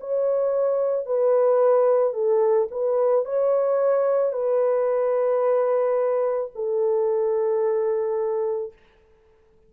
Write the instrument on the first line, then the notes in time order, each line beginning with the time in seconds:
horn
0.00 C#5
1.06 B4
2.13 A4
2.71 B4
3.25 C#5
4.32 B4
6.55 A4